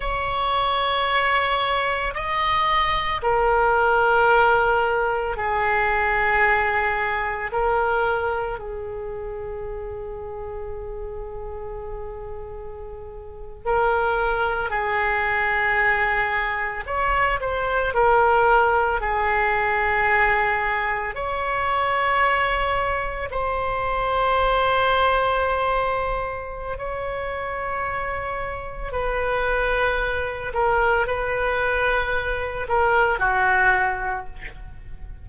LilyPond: \new Staff \with { instrumentName = "oboe" } { \time 4/4 \tempo 4 = 56 cis''2 dis''4 ais'4~ | ais'4 gis'2 ais'4 | gis'1~ | gis'8. ais'4 gis'2 cis''16~ |
cis''16 c''8 ais'4 gis'2 cis''16~ | cis''4.~ cis''16 c''2~ c''16~ | c''4 cis''2 b'4~ | b'8 ais'8 b'4. ais'8 fis'4 | }